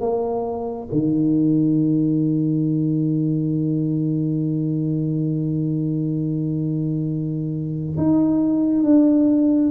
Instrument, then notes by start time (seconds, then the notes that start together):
tuba
0.00 A#3
0.91 D#3
7.97 D#4
8.83 D4